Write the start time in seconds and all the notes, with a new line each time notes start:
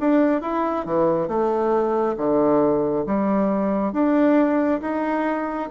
0.00 D4
0.41 E4
0.85 E3
1.28 A3
2.17 D3
3.06 G3
3.93 D4
4.81 D#4